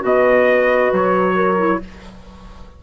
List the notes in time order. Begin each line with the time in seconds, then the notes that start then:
0.00 B2 F#4 B4 D#5
0.92 F#3 C#5
1.35 A#4
1.57 E4